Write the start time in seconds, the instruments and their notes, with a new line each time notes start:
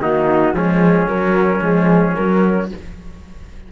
0.00 cello D#3, horn A#3, trumpet D#4, flute F#4
0.53 cello F3, horn G#3, trumpet C#4, flute G#4
1.06 cello F#3, horn F#3, flute A#4
1.60 cello F3, horn G#3, flute G#4
2.15 horn F#3, cello F#3, flute A#4